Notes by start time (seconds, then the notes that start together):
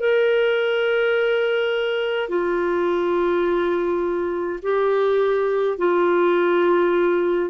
0.00 A#4
2.29 F4
4.63 G4
5.78 F4